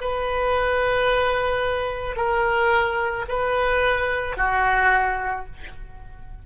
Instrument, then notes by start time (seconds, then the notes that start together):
oboe
0.00 B4
2.16 A#4
3.28 B4
4.37 F#4